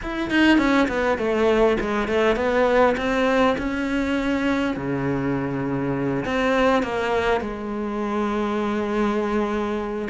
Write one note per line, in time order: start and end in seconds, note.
0.02 0.30 E4
0.30 0.58 D#4
0.58 0.87 C#4
0.88 1.17 B3
1.17 1.77 A3
1.80 2.07 G#3
2.07 2.36 A3
2.36 2.95 B3
2.97 3.56 C4
3.58 4.76 C#4
4.76 6.25 C#3
6.25 6.82 C4
6.82 7.41 A#3
7.41 10.08 G#3